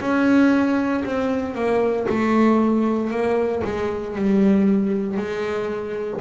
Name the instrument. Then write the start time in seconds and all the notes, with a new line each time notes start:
double bass
0.00 C#4
1.04 C4
1.55 A#3
2.09 A3
3.10 A#3
3.64 G#3
4.16 G3
5.17 G#3